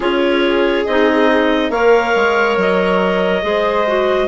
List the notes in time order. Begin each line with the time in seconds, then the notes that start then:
0.00 C#4 F4 G#4 C#5
0.85 C4 D#4 D#5
1.70 A#3 A#4 C#5 F5
2.15 G#3
2.56 F#3 D#5
3.42 G#3 G#4 C5
3.87 F#4